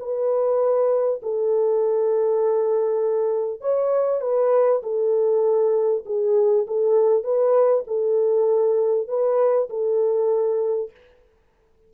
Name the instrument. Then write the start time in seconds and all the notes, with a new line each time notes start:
horn
0.00 B4
1.23 A4
3.61 C#5
4.22 B4
4.83 A4
6.06 G#4
6.67 A4
7.24 B4
7.88 A4
9.08 B4
9.70 A4